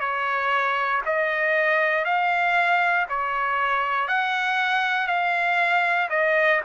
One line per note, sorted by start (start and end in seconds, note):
0.00 1.02 C#5
1.06 2.05 D#5
2.05 3.06 F5
3.09 4.08 C#5
4.08 5.07 F#5
5.07 6.09 F5
6.10 6.61 D#5